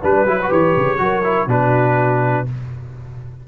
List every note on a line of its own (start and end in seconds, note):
0.00 0.25 G3
0.00 0.27 D4
0.00 0.98 B4
0.00 0.52 B4
0.25 0.49 F#3
0.25 0.39 E4
0.42 0.49 F#4
0.49 0.76 E3
0.49 0.98 G4
0.49 1.49 C#5
0.77 1.00 C#3
0.98 1.47 F#3
0.98 1.22 F#4
0.98 1.47 A#4
1.24 1.48 E4
1.47 2.44 B2
1.47 2.46 D4
1.47 2.45 F#4
1.47 2.47 B4